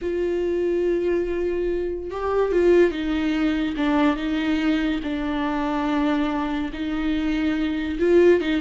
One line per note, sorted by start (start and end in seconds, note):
0.01 2.11 F4
2.11 2.52 G4
2.52 2.91 F4
2.91 3.75 D#4
3.76 4.16 D4
4.16 5.00 D#4
5.03 6.71 D4
6.72 7.98 D#4
7.99 8.40 F4
8.40 8.60 D#4